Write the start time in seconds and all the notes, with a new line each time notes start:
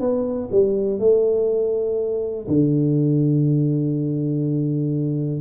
0.00 B3
0.52 G3
0.99 A3
2.47 D3